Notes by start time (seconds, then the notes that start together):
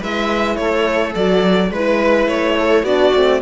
0.00 G#3 E4 B4 E5
0.56 A3 A4 C#5
1.15 F#3 F#4 D5
1.71 G#3 E4 B4
2.27 A3 C#5
2.59 A4
2.83 B3 D4 F#4 D5
3.14 A3 C4